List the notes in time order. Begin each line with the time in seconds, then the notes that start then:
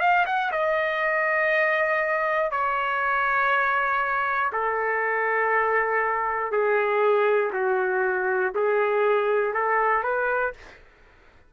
0.00 F5
0.26 F#5
0.52 D#5
2.51 C#5
4.52 A4
6.52 G#4
7.52 F#4
8.55 G#4
9.53 A4
10.03 B4